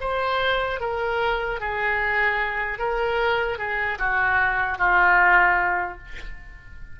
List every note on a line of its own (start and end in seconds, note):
0.00 0.80 C5
0.80 1.60 A#4
1.60 2.79 G#4
2.79 3.58 A#4
3.58 3.98 G#4
3.99 4.78 F#4
4.78 5.98 F4